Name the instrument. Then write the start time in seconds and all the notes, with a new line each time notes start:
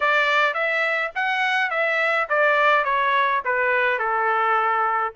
trumpet
0.00 D5
0.54 E5
1.15 F#5
1.70 E5
2.29 D5
2.84 C#5
3.44 B4
3.98 A4